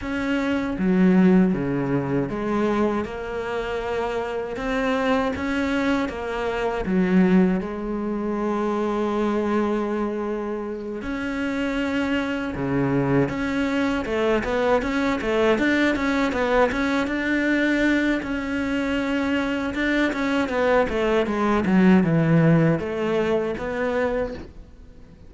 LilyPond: \new Staff \with { instrumentName = "cello" } { \time 4/4 \tempo 4 = 79 cis'4 fis4 cis4 gis4 | ais2 c'4 cis'4 | ais4 fis4 gis2~ | gis2~ gis8 cis'4.~ |
cis'8 cis4 cis'4 a8 b8 cis'8 | a8 d'8 cis'8 b8 cis'8 d'4. | cis'2 d'8 cis'8 b8 a8 | gis8 fis8 e4 a4 b4 | }